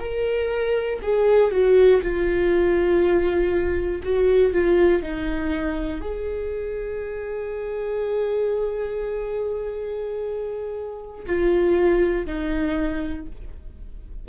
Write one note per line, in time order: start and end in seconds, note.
0.00 1.00 A#4
1.02 1.52 G#4
1.52 2.02 F#4
2.02 4.02 F4
4.04 4.53 F#4
4.53 5.03 F4
5.03 6.01 D#4
6.01 11.26 G#4
11.26 12.26 F4
12.27 13.27 D#4